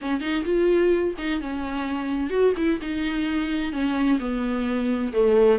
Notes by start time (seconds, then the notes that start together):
0.01 C#4
0.20 D#4
0.44 F4
1.17 D#4
1.40 C#4
2.29 F#4
2.56 E4
2.81 D#4
3.72 C#4
4.19 B3
5.12 A3